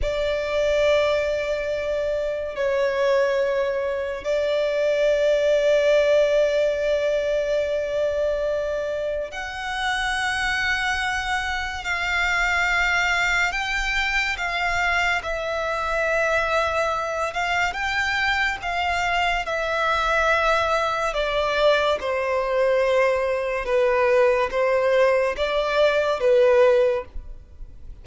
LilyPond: \new Staff \with { instrumentName = "violin" } { \time 4/4 \tempo 4 = 71 d''2. cis''4~ | cis''4 d''2.~ | d''2. fis''4~ | fis''2 f''2 |
g''4 f''4 e''2~ | e''8 f''8 g''4 f''4 e''4~ | e''4 d''4 c''2 | b'4 c''4 d''4 b'4 | }